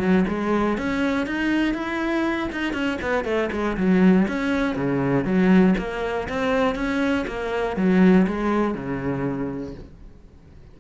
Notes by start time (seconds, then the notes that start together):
0.00 F#3
0.29 G#3
0.78 C#4
1.27 D#4
1.74 E4
2.52 D#4
2.74 C#4
3.02 B3
3.25 A3
3.52 G#3
3.77 F#3
4.28 C#4
4.76 C#3
5.25 F#3
5.78 A#3
6.29 C4
6.75 C#4
7.28 A#3
7.77 F#3
8.28 G#3
8.75 C#3